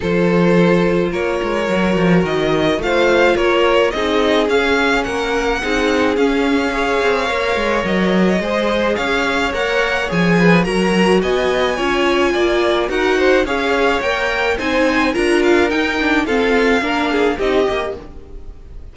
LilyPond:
<<
  \new Staff \with { instrumentName = "violin" } { \time 4/4 \tempo 4 = 107 c''2 cis''2 | dis''4 f''4 cis''4 dis''4 | f''4 fis''2 f''4~ | f''2 dis''2 |
f''4 fis''4 gis''4 ais''4 | gis''2. fis''4 | f''4 g''4 gis''4 ais''8 f''8 | g''4 f''2 dis''4 | }
  \new Staff \with { instrumentName = "violin" } { \time 4/4 a'2 ais'2~ | ais'4 c''4 ais'4 gis'4~ | gis'4 ais'4 gis'2 | cis''2. c''4 |
cis''2~ cis''8 b'8 ais'4 | dis''4 cis''4 d''4 ais'8 c''8 | cis''2 c''4 ais'4~ | ais'4 a'4 ais'8 gis'8 g'4 | }
  \new Staff \with { instrumentName = "viola" } { \time 4/4 f'2. fis'4~ | fis'4 f'2 dis'4 | cis'2 dis'4 cis'4 | gis'4 ais'2 gis'4~ |
gis'4 ais'4 gis'4 fis'4~ | fis'4 f'2 fis'4 | gis'4 ais'4 dis'4 f'4 | dis'8 d'8 c'4 d'4 dis'8 g'8 | }
  \new Staff \with { instrumentName = "cello" } { \time 4/4 f2 ais8 gis8 fis8 f8 | dis4 a4 ais4 c'4 | cis'4 ais4 c'4 cis'4~ | cis'8 c'8 ais8 gis8 fis4 gis4 |
cis'4 ais4 f4 fis4 | b4 cis'4 ais4 dis'4 | cis'4 ais4 c'4 d'4 | dis'4 f'4 ais4 c'8 ais8 | }
>>